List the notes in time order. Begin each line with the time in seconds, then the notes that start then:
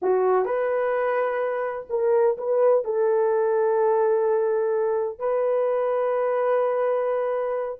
0.02 F#4
0.45 B4
1.89 A#4
2.37 B4
2.84 A4
5.18 B4